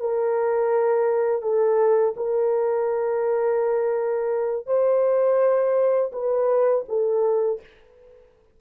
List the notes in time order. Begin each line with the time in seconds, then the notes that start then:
0.00 A#4
1.42 A4
2.17 A#4
4.67 C5
6.12 B4
6.88 A4